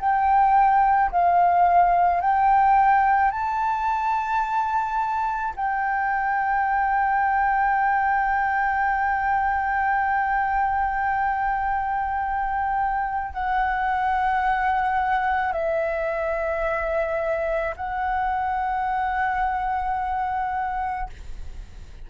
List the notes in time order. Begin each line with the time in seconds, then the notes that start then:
0.00 G5
1.11 F5
2.21 G5
3.31 A5
5.56 G5
13.33 F#5
15.53 E5
17.77 F#5